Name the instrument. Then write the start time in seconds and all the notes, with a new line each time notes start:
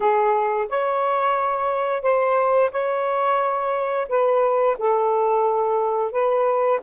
saxophone
0.00 G#4
0.69 C#5
2.02 C5
2.71 C#5
4.08 B4
4.78 A4
6.11 B4